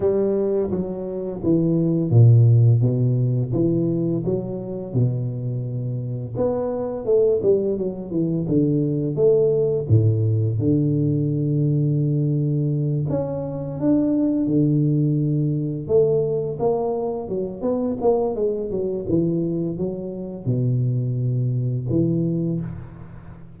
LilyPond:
\new Staff \with { instrumentName = "tuba" } { \time 4/4 \tempo 4 = 85 g4 fis4 e4 ais,4 | b,4 e4 fis4 b,4~ | b,4 b4 a8 g8 fis8 e8 | d4 a4 a,4 d4~ |
d2~ d8 cis'4 d'8~ | d'8 d2 a4 ais8~ | ais8 fis8 b8 ais8 gis8 fis8 e4 | fis4 b,2 e4 | }